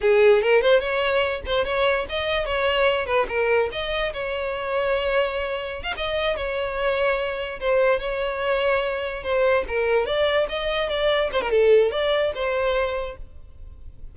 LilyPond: \new Staff \with { instrumentName = "violin" } { \time 4/4 \tempo 4 = 146 gis'4 ais'8 c''8 cis''4. c''8 | cis''4 dis''4 cis''4. b'8 | ais'4 dis''4 cis''2~ | cis''2~ cis''16 f''16 dis''4 cis''8~ |
cis''2~ cis''8 c''4 cis''8~ | cis''2~ cis''8 c''4 ais'8~ | ais'8 d''4 dis''4 d''4 c''16 ais'16 | a'4 d''4 c''2 | }